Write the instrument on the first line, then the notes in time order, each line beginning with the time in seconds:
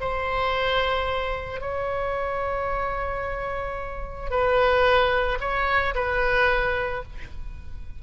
oboe
0.00 C5
1.61 C#5
4.30 B4
5.40 C#5
5.95 B4